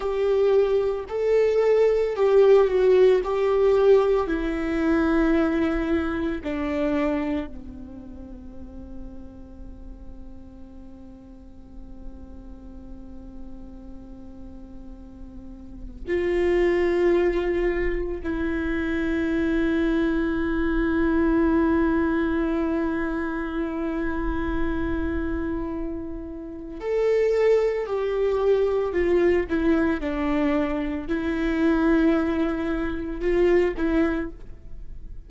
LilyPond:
\new Staff \with { instrumentName = "viola" } { \time 4/4 \tempo 4 = 56 g'4 a'4 g'8 fis'8 g'4 | e'2 d'4 c'4~ | c'1~ | c'2. f'4~ |
f'4 e'2.~ | e'1~ | e'4 a'4 g'4 f'8 e'8 | d'4 e'2 f'8 e'8 | }